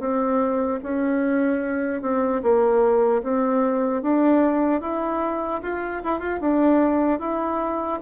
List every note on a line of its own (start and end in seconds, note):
0.00 0.80 C4
0.83 2.02 C#4
2.02 2.42 C4
2.43 3.23 A#3
3.23 4.02 C4
4.02 4.81 D4
4.81 5.61 E4
5.62 6.02 F4
6.04 6.20 E4
6.20 6.39 F4
6.41 7.19 D4
7.19 7.99 E4